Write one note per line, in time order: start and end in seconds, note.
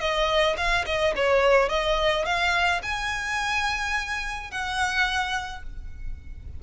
0.00 0.56 D#5
0.57 0.85 F5
0.85 1.13 D#5
1.15 1.69 C#5
1.69 2.25 D#5
2.25 2.81 F5
2.82 4.51 G#5
4.51 5.63 F#5